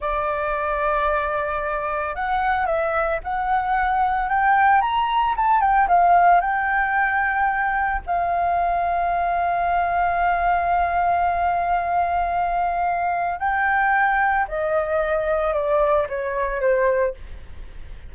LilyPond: \new Staff \with { instrumentName = "flute" } { \time 4/4 \tempo 4 = 112 d''1 | fis''4 e''4 fis''2 | g''4 ais''4 a''8 g''8 f''4 | g''2. f''4~ |
f''1~ | f''1~ | f''4 g''2 dis''4~ | dis''4 d''4 cis''4 c''4 | }